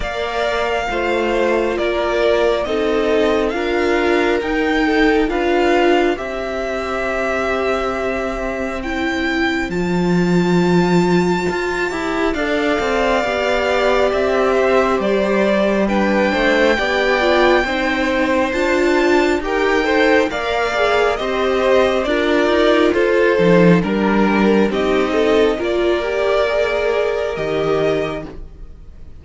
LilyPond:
<<
  \new Staff \with { instrumentName = "violin" } { \time 4/4 \tempo 4 = 68 f''2 d''4 dis''4 | f''4 g''4 f''4 e''4~ | e''2 g''4 a''4~ | a''2 f''2 |
e''4 d''4 g''2~ | g''4 a''4 g''4 f''4 | dis''4 d''4 c''4 ais'4 | dis''4 d''2 dis''4 | }
  \new Staff \with { instrumentName = "violin" } { \time 4/4 d''4 c''4 ais'4 a'4 | ais'4. a'8 b'4 c''4~ | c''1~ | c''2 d''2~ |
d''8 c''4. b'8 c''8 d''4 | c''2 ais'8 c''8 d''4 | c''4 ais'4 a'4 ais'4 | g'8 a'8 ais'2. | }
  \new Staff \with { instrumentName = "viola" } { \time 4/4 ais'4 f'2 dis'4 | f'4 dis'4 f'4 g'4~ | g'2 e'4 f'4~ | f'4. g'8 a'4 g'4~ |
g'2 d'4 g'8 f'8 | dis'4 f'4 g'8 a'8 ais'8 gis'8 | g'4 f'4. dis'8 d'4 | dis'4 f'8 g'8 gis'4 g'4 | }
  \new Staff \with { instrumentName = "cello" } { \time 4/4 ais4 a4 ais4 c'4 | d'4 dis'4 d'4 c'4~ | c'2. f4~ | f4 f'8 e'8 d'8 c'8 b4 |
c'4 g4. a8 b4 | c'4 d'4 dis'4 ais4 | c'4 d'8 dis'8 f'8 f8 g4 | c'4 ais2 dis4 | }
>>